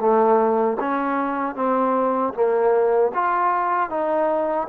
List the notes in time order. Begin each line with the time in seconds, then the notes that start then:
0.00 A3
0.80 C#4
1.56 C4
2.34 A#3
3.15 F4
3.90 D#4